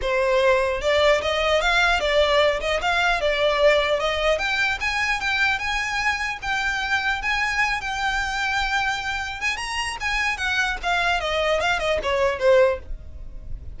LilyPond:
\new Staff \with { instrumentName = "violin" } { \time 4/4 \tempo 4 = 150 c''2 d''4 dis''4 | f''4 d''4. dis''8 f''4 | d''2 dis''4 g''4 | gis''4 g''4 gis''2 |
g''2 gis''4. g''8~ | g''2.~ g''8 gis''8 | ais''4 gis''4 fis''4 f''4 | dis''4 f''8 dis''8 cis''4 c''4 | }